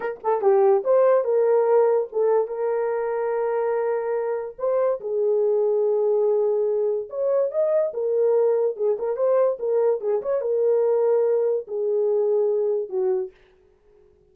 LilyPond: \new Staff \with { instrumentName = "horn" } { \time 4/4 \tempo 4 = 144 ais'8 a'8 g'4 c''4 ais'4~ | ais'4 a'4 ais'2~ | ais'2. c''4 | gis'1~ |
gis'4 cis''4 dis''4 ais'4~ | ais'4 gis'8 ais'8 c''4 ais'4 | gis'8 cis''8 ais'2. | gis'2. fis'4 | }